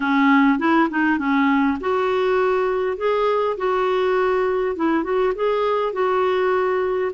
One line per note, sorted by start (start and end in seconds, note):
0.00 0.58 C#4
0.59 0.88 E4
0.90 1.18 D#4
1.18 1.77 C#4
1.80 2.97 F#4
2.97 3.56 G#4
3.57 4.76 F#4
4.76 5.03 E4
5.03 5.33 F#4
5.35 5.92 G#4
5.92 7.11 F#4